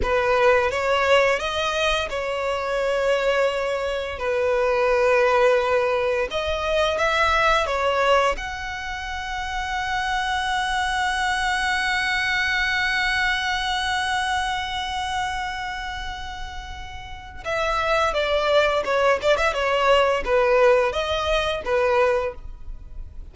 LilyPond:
\new Staff \with { instrumentName = "violin" } { \time 4/4 \tempo 4 = 86 b'4 cis''4 dis''4 cis''4~ | cis''2 b'2~ | b'4 dis''4 e''4 cis''4 | fis''1~ |
fis''1~ | fis''1~ | fis''4 e''4 d''4 cis''8 d''16 e''16 | cis''4 b'4 dis''4 b'4 | }